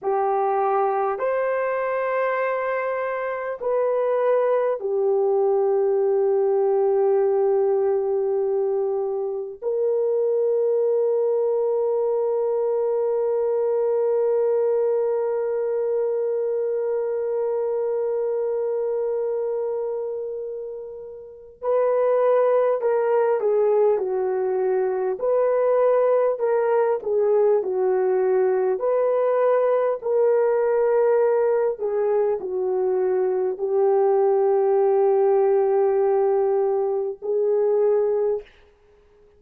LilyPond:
\new Staff \with { instrumentName = "horn" } { \time 4/4 \tempo 4 = 50 g'4 c''2 b'4 | g'1 | ais'1~ | ais'1~ |
ais'2 b'4 ais'8 gis'8 | fis'4 b'4 ais'8 gis'8 fis'4 | b'4 ais'4. gis'8 fis'4 | g'2. gis'4 | }